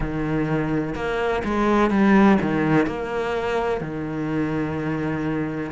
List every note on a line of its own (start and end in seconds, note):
0.00 0.94 D#3
0.95 1.42 A#3
1.44 1.90 G#3
1.90 2.38 G3
2.41 2.86 D#3
2.86 3.81 A#3
3.81 5.71 D#3